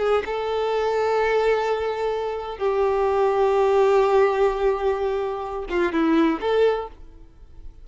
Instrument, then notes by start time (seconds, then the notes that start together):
violin
0.00 G#4
0.26 A4
2.59 G4
5.70 F4
5.93 E4
6.41 A4